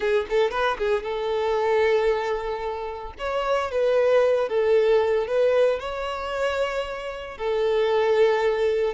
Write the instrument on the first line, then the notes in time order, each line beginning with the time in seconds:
violin
0.00 G#4
0.29 A4
0.50 B4
0.78 G#4
1.02 A4
3.18 C#5
3.71 B4
4.49 A4
5.27 B4
5.79 C#5
7.37 A4